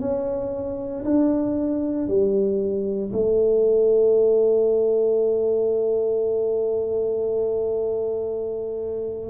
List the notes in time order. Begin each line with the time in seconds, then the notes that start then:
0.00 C#4
1.05 D4
2.08 G3
3.12 A3